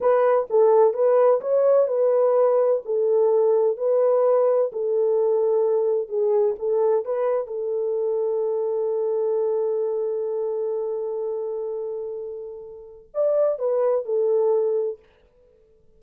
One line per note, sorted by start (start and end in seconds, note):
0.00 0.47 B4
0.49 0.93 A4
0.93 1.40 B4
1.40 1.87 C#5
1.87 2.81 B4
2.85 3.77 A4
3.77 4.71 B4
4.72 6.08 A4
6.08 6.55 G#4
6.58 7.05 A4
7.05 7.47 B4
7.47 13.09 A4
13.14 13.59 D5
13.59 14.05 B4
14.05 14.99 A4